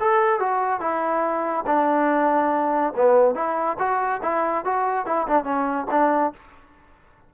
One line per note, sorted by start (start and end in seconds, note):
0.00 0.40 A4
0.40 0.81 F#4
0.81 1.65 E4
1.67 2.93 D4
2.96 3.35 B3
3.35 3.77 E4
3.79 4.21 F#4
4.23 4.65 E4
4.65 5.06 F#4
5.06 5.27 E4
5.28 5.44 D4
5.44 5.87 C#4
5.91 6.33 D4